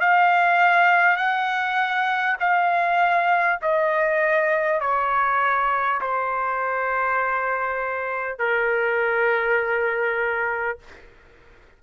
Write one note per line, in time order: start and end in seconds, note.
0.00 1.17 F5
1.17 2.37 F#5
2.39 3.59 F5
3.62 4.81 D#5
4.81 6.01 C#5
6.01 8.39 C5
8.39 10.79 A#4